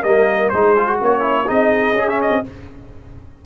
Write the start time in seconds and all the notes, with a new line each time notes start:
0.00 G3 A#3 A#4 D#5
0.49 G#3 D#4 G#4 C5
0.77 F4
0.87 F#4
0.99 A#3 C#4 C#5
1.21 E4
1.45 C4 D#4 G#4 D#5
1.92 C#4
1.98 G#4
2.08 C#4 E5
2.21 D#5
2.30 C4